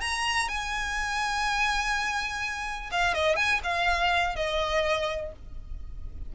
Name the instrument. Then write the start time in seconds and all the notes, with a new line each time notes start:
violin
0.00 A#5
0.48 G#5
2.91 F5
3.14 D#5
3.36 G#5
3.63 F5
4.35 D#5